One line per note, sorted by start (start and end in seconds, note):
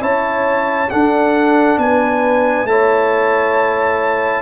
0.00 0.89 C#4
0.00 0.88 E4
0.00 0.90 C#5
0.00 0.90 A5
0.90 2.68 D4
0.90 1.78 D4
0.90 1.79 A4
0.90 1.78 F#5
1.78 2.65 B3
1.78 2.70 B4
1.78 2.67 G#5
2.65 4.41 A3
2.65 4.42 E4
2.65 4.42 C#5
2.65 4.42 A5